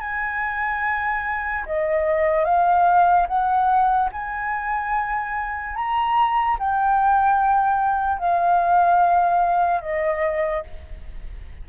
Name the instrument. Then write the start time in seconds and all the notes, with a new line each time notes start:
flute
0.00 G#5
1.66 D#5
2.44 F5
3.27 F#5
4.12 G#5
5.75 A#5
6.59 G5
8.19 F5
9.81 D#5